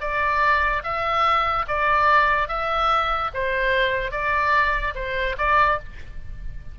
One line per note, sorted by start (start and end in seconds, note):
0.00 0.82 D5
0.83 1.65 E5
1.68 2.48 D5
2.48 3.30 E5
3.33 4.11 C5
4.11 4.93 D5
4.95 5.36 C5
5.38 5.79 D5